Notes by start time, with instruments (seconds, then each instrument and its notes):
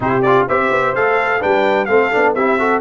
0.00 tuba C3, trombone E4, horn G4, trumpet C5
0.22 trombone F4, trumpet D5
0.47 tuba C4, trombone G4, horn C5, trumpet E5
0.70 tuba B3
0.94 tuba A3, trombone A4, trumpet F5
1.39 tuba G3, trombone D4, horn B4, trumpet G5
1.85 tuba A3, trombone C4, horn A4, trumpet F5
2.11 tuba B3, trombone D4
2.34 tuba C4, trombone E4, horn G4, trumpet E5
2.58 trombone F#4, horn A4